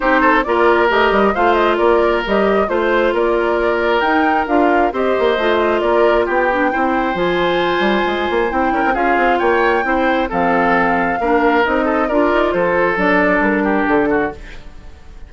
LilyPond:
<<
  \new Staff \with { instrumentName = "flute" } { \time 4/4 \tempo 4 = 134 c''4 d''4 dis''4 f''8 dis''8 | d''4 dis''4 c''4 d''4~ | d''4 g''4 f''4 dis''4~ | dis''4 d''4 g''2 |
gis''2. g''4 | f''4 g''2 f''4~ | f''2 dis''4 d''4 | c''4 d''4 ais'4 a'4 | }
  \new Staff \with { instrumentName = "oboe" } { \time 4/4 g'8 a'8 ais'2 c''4 | ais'2 c''4 ais'4~ | ais'2. c''4~ | c''4 ais'4 g'4 c''4~ |
c''2.~ c''8 ais'8 | gis'4 cis''4 c''4 a'4~ | a'4 ais'4. a'8 ais'4 | a'2~ a'8 g'4 fis'8 | }
  \new Staff \with { instrumentName = "clarinet" } { \time 4/4 dis'4 f'4 g'4 f'4~ | f'4 g'4 f'2~ | f'4 dis'4 f'4 g'4 | f'2~ f'8 d'8 e'4 |
f'2. e'4 | f'2 e'4 c'4~ | c'4 d'4 dis'4 f'4~ | f'4 d'2. | }
  \new Staff \with { instrumentName = "bassoon" } { \time 4/4 c'4 ais4 a8 g8 a4 | ais4 g4 a4 ais4~ | ais4 dis'4 d'4 c'8 ais8 | a4 ais4 b4 c'4 |
f4. g8 gis8 ais8 c'8 cis'16 c'16 | cis'8 c'8 ais4 c'4 f4~ | f4 ais4 c'4 d'8 dis'8 | f4 fis4 g4 d4 | }
>>